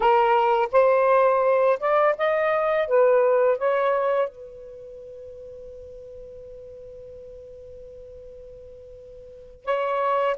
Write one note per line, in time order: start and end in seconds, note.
0.00 0.68 A#4
0.72 1.79 C5
1.79 2.15 D5
2.18 2.87 D#5
2.87 3.58 B4
3.58 4.29 C#5
4.29 9.64 B4
9.64 10.36 C#5